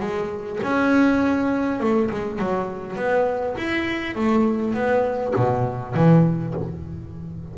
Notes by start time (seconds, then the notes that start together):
0.00 G#3
0.63 C#4
1.81 A3
2.11 G#3
2.39 F#3
2.96 B3
3.58 E4
4.16 A3
4.74 B3
5.36 B2
5.95 E3